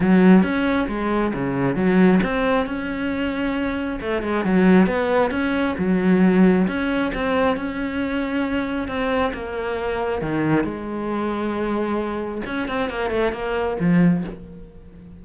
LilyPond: \new Staff \with { instrumentName = "cello" } { \time 4/4 \tempo 4 = 135 fis4 cis'4 gis4 cis4 | fis4 c'4 cis'2~ | cis'4 a8 gis8 fis4 b4 | cis'4 fis2 cis'4 |
c'4 cis'2. | c'4 ais2 dis4 | gis1 | cis'8 c'8 ais8 a8 ais4 f4 | }